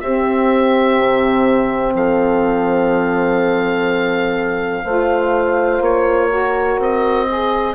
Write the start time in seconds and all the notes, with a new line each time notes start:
0.00 C4 G4 E5
0.98 C3
1.94 F3 A4 F5
4.84 A3 F4 C5
5.81 A#3 C#5
6.29 F#4 A#4
6.79 C4 D#5
7.26 G#4